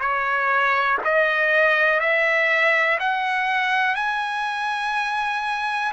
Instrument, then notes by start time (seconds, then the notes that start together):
trumpet
0.00 C#5
1.05 D#5
2.00 E5
3.00 F#5
3.96 G#5